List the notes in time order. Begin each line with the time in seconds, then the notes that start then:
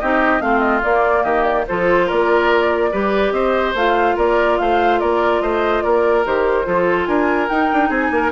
0.00 C4 D#4 G4 D#5
0.40 A3 C4 F4 F5
0.60 D#5
0.83 A#3 D5
1.23 D#3 G4 D#5
1.44 D5
1.67 F3 F4 A4 C5
2.06 A#3 A#4 D5
2.92 G3 G4 B4
3.32 C4 C5 D#5
3.74 A3 F4 F5
4.16 A#3 A#4 D5
4.58 A3 C5 F5
4.99 A#3 A#4 D5
5.41 A3 C5 D#5
5.82 A#3 A#4 D5
6.25 D#3 G4 C5
6.64 F3 F4 A4
7.06 D4 A#4 G#5
7.48 D#4 G5
7.73 D4
7.89 C4 G#4 G#5
8.11 A#3 A#4